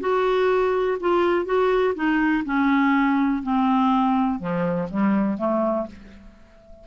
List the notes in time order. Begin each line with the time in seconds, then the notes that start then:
0.00 F#4
1.00 F4
1.45 F#4
1.95 D#4
2.45 C#4
3.43 C4
4.39 F3
4.90 G3
5.38 A3